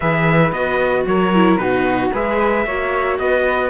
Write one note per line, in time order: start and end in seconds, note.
0.00 0.52 E3
0.00 0.53 G#4
0.00 1.05 B4
0.00 0.52 E5
0.52 1.05 B3
0.52 1.34 F#4
0.52 1.05 D#5
1.06 1.57 F#3
1.06 1.60 A#4
1.06 1.57 C#5
1.34 1.59 E4
1.57 2.10 B2
1.57 2.12 D#4
1.57 2.12 F#4
1.57 2.10 B4
2.12 2.65 G#3
2.12 2.66 G#4
2.12 2.65 B4
2.12 3.19 E5
2.65 3.18 A#3
2.65 3.70 F#4
2.65 3.19 C#5
3.18 3.70 B3
3.18 3.70 B4
3.18 3.70 D#5